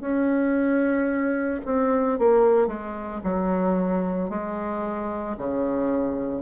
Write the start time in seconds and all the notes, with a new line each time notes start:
0.00 C#4
1.65 C4
2.19 A#3
2.67 G#3
3.23 F#3
4.30 G#3
5.38 C#3